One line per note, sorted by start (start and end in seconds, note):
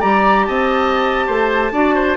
0.00 0.48 G3
0.00 1.72 G4
0.00 0.46 D5
0.00 0.45 A#5
0.45 1.28 C4
0.45 1.26 D#5
0.45 2.17 A5
1.26 1.71 A3
1.26 1.72 C5
1.71 2.17 D4
1.71 2.17 F#4
1.71 1.95 D5
1.95 2.17 C5